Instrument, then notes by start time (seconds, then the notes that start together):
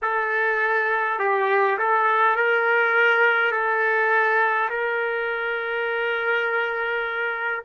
trumpet
0.02 A4
1.19 G4
1.78 A4
2.35 A#4
3.51 A4
4.70 A#4